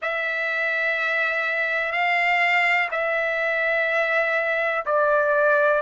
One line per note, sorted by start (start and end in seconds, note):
0.02 1.91 E5
1.91 2.88 F5
2.91 4.84 E5
4.85 5.81 D5